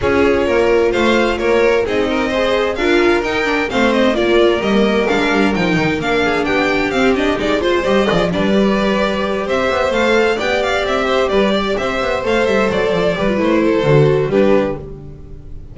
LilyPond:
<<
  \new Staff \with { instrumentName = "violin" } { \time 4/4 \tempo 4 = 130 cis''2 f''4 cis''4 | dis''2 f''4 g''4 | f''8 dis''8 d''4 dis''4 f''4 | g''4 f''4 g''4 f''8 dis''8 |
d''8 c''8 dis''4 d''2~ | d''8 e''4 f''4 g''8 f''8 e''8~ | e''8 d''4 e''4 f''8 e''8 d''8~ | d''4 c''2 b'4 | }
  \new Staff \with { instrumentName = "violin" } { \time 4/4 gis'4 ais'4 c''4 ais'4 | gis'8 ais'8 c''4 ais'2 | c''4 ais'2.~ | ais'4. gis'8 g'2~ |
g'8 c''4 d''8 b'2~ | b'8 c''2 d''4. | c''8 b'8 d''8 c''2~ c''8~ | c''8 b'4 a'4. g'4 | }
  \new Staff \with { instrumentName = "viola" } { \time 4/4 f'1 | dis'4 gis'4 f'4 dis'8 d'8 | c'4 f'4 ais4 d'4 | dis'4 d'2 c'8 d'8 |
dis'8 f'8 g'8 gis'8 d'8 g'4.~ | g'4. a'4 g'4.~ | g'2~ g'8 a'4.~ | a'8 g'16 f'16 e'4 fis'4 d'4 | }
  \new Staff \with { instrumentName = "double bass" } { \time 4/4 cis'4 ais4 a4 ais4 | c'2 d'4 dis'4 | a4 ais4 g4 gis8 g8 | f8 dis8 ais4 b4 c'4 |
gis4 g8 f8 g2~ | g8 c'8 b8 a4 b4 c'8~ | c'8 g4 c'8 b8 a8 g8 fis8 | f8 g8 a4 d4 g4 | }
>>